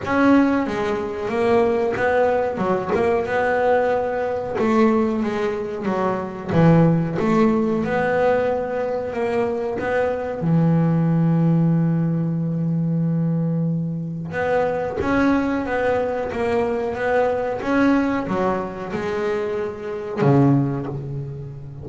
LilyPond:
\new Staff \with { instrumentName = "double bass" } { \time 4/4 \tempo 4 = 92 cis'4 gis4 ais4 b4 | fis8 ais8 b2 a4 | gis4 fis4 e4 a4 | b2 ais4 b4 |
e1~ | e2 b4 cis'4 | b4 ais4 b4 cis'4 | fis4 gis2 cis4 | }